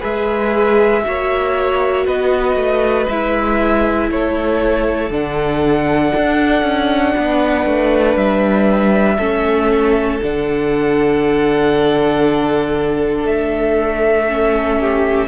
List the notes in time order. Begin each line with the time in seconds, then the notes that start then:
0.00 G#3 G#4 B4 E5
1.03 A#3 F#4 C#5
2.05 B3 B4 D#5
2.55 A3
3.07 G#3 E4 E5
4.10 A3 A4 C#5
5.10 D3 D4 F#5
6.16 D4
6.62 C#4
7.15 B3 B4
7.65 A3
8.16 G3 E5
9.16 A3 C#4 A4
10.22 D3 D4 F#5
13.24 A3 E5
14.28 C#4
14.80 G4